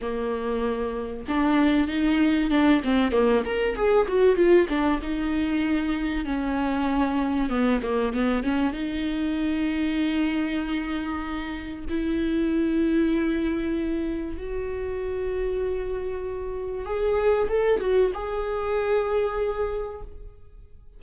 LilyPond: \new Staff \with { instrumentName = "viola" } { \time 4/4 \tempo 4 = 96 ais2 d'4 dis'4 | d'8 c'8 ais8 ais'8 gis'8 fis'8 f'8 d'8 | dis'2 cis'2 | b8 ais8 b8 cis'8 dis'2~ |
dis'2. e'4~ | e'2. fis'4~ | fis'2. gis'4 | a'8 fis'8 gis'2. | }